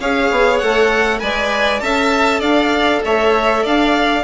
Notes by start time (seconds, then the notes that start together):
0.00 C#4 G#4 C#5 F5
0.31 B3
0.58 A3 A4 F#5
1.20 G#3 B4 D5 G#5
1.80 C#4 A4 E5 A5
2.39 D4 D5 F5
3.05 A3 C#5 E5
3.63 D4 D5 F5